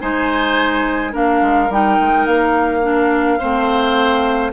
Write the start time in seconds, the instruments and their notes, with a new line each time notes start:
0.00 bassoon G#3, clarinet D#4, oboe C5, flute G#5
1.12 bassoon A#3, clarinet D4, oboe A#4, flute F5
1.42 bassoon G#3
1.70 bassoon G3, clarinet D#4, flute G5
2.00 bassoon G#3
2.26 bassoon A#3, flute F5
2.83 clarinet D4
3.39 bassoon A3, clarinet C4, oboe C5